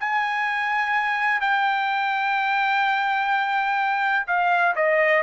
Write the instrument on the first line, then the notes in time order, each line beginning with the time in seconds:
trumpet
0.00 G#5
1.41 G5
4.27 F5
4.76 D#5